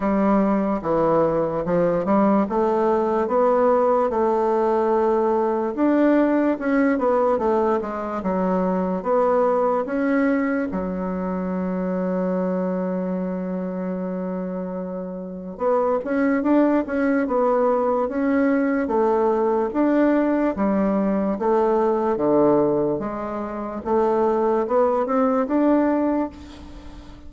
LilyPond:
\new Staff \with { instrumentName = "bassoon" } { \time 4/4 \tempo 4 = 73 g4 e4 f8 g8 a4 | b4 a2 d'4 | cis'8 b8 a8 gis8 fis4 b4 | cis'4 fis2.~ |
fis2. b8 cis'8 | d'8 cis'8 b4 cis'4 a4 | d'4 g4 a4 d4 | gis4 a4 b8 c'8 d'4 | }